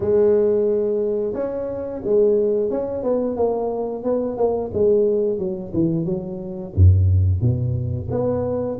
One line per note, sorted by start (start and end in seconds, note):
0.00 1.33 G#3
1.33 2.01 C#4
2.04 2.70 G#3
2.70 3.03 C#4
3.03 3.36 B3
3.36 4.03 A#3
4.03 4.37 B3
4.37 4.70 A#3
4.73 5.38 G#3
5.38 5.72 F#3
5.73 6.05 E3
6.05 6.72 F#3
6.75 7.41 F#2
7.41 8.08 B2
8.11 8.78 B3